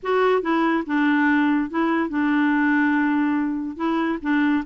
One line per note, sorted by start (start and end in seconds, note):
0.02 0.41 F#4
0.41 0.83 E4
0.86 1.70 D4
1.70 2.09 E4
2.09 3.76 D4
3.76 4.18 E4
4.22 4.64 D4